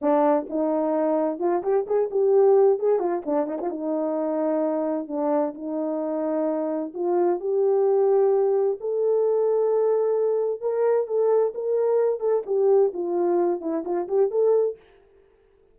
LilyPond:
\new Staff \with { instrumentName = "horn" } { \time 4/4 \tempo 4 = 130 d'4 dis'2 f'8 g'8 | gis'8 g'4. gis'8 f'8 d'8 dis'16 f'16 | dis'2. d'4 | dis'2. f'4 |
g'2. a'4~ | a'2. ais'4 | a'4 ais'4. a'8 g'4 | f'4. e'8 f'8 g'8 a'4 | }